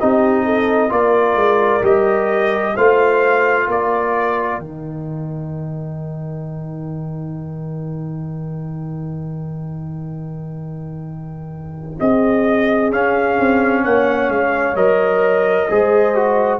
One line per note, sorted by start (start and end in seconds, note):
0.00 0.91 C4
0.00 0.89 D#4
0.00 0.45 G4
0.00 0.92 D#5
0.45 0.91 A4
0.89 1.35 A#3
0.89 1.81 F4
0.89 2.75 A#4
0.89 1.84 D5
1.35 1.82 G#3
1.82 2.75 G3
1.82 2.75 G4
1.82 2.77 D#5
2.75 3.68 A3
2.75 4.62 F4
2.75 3.67 C5
2.75 3.69 F5
3.67 4.58 A#3
3.67 11.97 A#4
3.67 4.60 D5
4.58 11.97 D#3
4.58 12.92 D#4
4.58 11.99 G5
12.00 12.93 C4
12.00 13.83 G#4
12.00 12.92 D#5
12.92 14.76 C#4
12.92 13.39 C#4
12.92 13.84 F5
13.39 13.85 C4
13.83 14.29 A#3
13.83 15.68 C#5
13.83 14.31 F#5
14.29 14.75 G#3
14.29 14.76 F5
14.75 15.67 F#3
14.75 15.69 A#4
14.75 16.60 D#5
15.70 16.60 G#3
15.70 16.15 G#4
15.70 16.60 C5
16.15 16.60 F#4